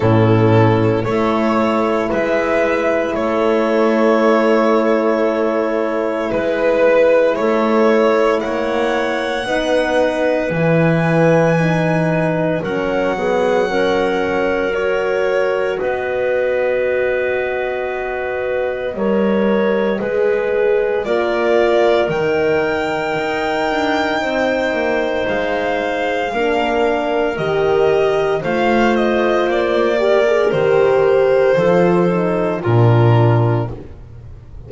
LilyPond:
<<
  \new Staff \with { instrumentName = "violin" } { \time 4/4 \tempo 4 = 57 a'4 cis''4 e''4 cis''4~ | cis''2 b'4 cis''4 | fis''2 gis''2 | fis''2 cis''4 dis''4~ |
dis''1 | d''4 g''2. | f''2 dis''4 f''8 dis''8 | d''4 c''2 ais'4 | }
  \new Staff \with { instrumentName = "clarinet" } { \time 4/4 e'4 a'4 b'4 a'4~ | a'2 b'4 a'4 | cis''4 b'2. | ais'8 gis'8 ais'2 b'4~ |
b'2 cis''4 b'4 | ais'2. c''4~ | c''4 ais'2 c''4~ | c''8 ais'4. a'4 f'4 | }
  \new Staff \with { instrumentName = "horn" } { \time 4/4 cis'4 e'2.~ | e'1~ | e'4 dis'4 e'4 dis'4 | cis'8 b8 cis'4 fis'2~ |
fis'2 ais'4 gis'4 | f'4 dis'2.~ | dis'4 d'4 g'4 f'4~ | f'8 g'16 gis'16 g'4 f'8 dis'8 d'4 | }
  \new Staff \with { instrumentName = "double bass" } { \time 4/4 a,4 a4 gis4 a4~ | a2 gis4 a4 | ais4 b4 e2 | fis2. b4~ |
b2 g4 gis4 | ais4 dis4 dis'8 d'8 c'8 ais8 | gis4 ais4 dis4 a4 | ais4 dis4 f4 ais,4 | }
>>